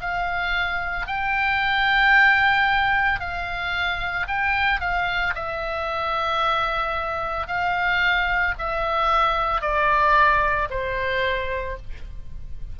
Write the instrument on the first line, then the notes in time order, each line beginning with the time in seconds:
oboe
0.00 F5
1.06 G5
3.19 F5
4.27 G5
4.80 F5
5.34 E5
7.47 F5
8.58 E5
9.61 D5
10.69 C5